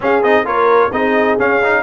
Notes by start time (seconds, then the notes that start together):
0.00 C#4 G#4 F5
0.23 C4 D#4 D#5
0.43 A#3 F4 A#4 C#5
0.90 C4 D#4 G#4 D#5
1.38 C#4 F5
1.63 D#4